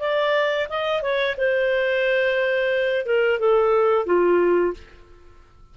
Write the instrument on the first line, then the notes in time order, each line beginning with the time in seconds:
clarinet
0.00 D5
0.69 D#5
1.02 C#5
1.37 C5
3.06 A#4
3.39 A4
4.06 F4